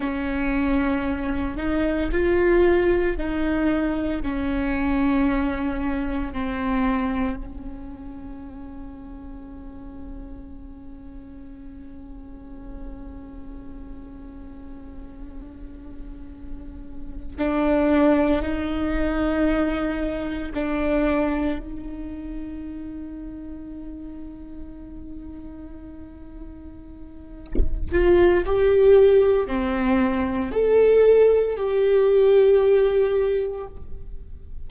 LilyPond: \new Staff \with { instrumentName = "viola" } { \time 4/4 \tempo 4 = 57 cis'4. dis'8 f'4 dis'4 | cis'2 c'4 cis'4~ | cis'1~ | cis'1~ |
cis'8 d'4 dis'2 d'8~ | d'8 dis'2.~ dis'8~ | dis'2~ dis'8 f'8 g'4 | c'4 a'4 g'2 | }